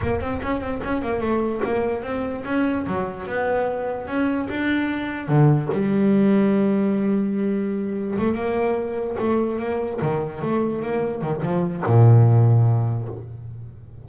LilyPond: \new Staff \with { instrumentName = "double bass" } { \time 4/4 \tempo 4 = 147 ais8 c'8 cis'8 c'8 cis'8 ais8 a4 | ais4 c'4 cis'4 fis4 | b2 cis'4 d'4~ | d'4 d4 g2~ |
g1 | a8 ais2 a4 ais8~ | ais8 dis4 a4 ais4 dis8 | f4 ais,2. | }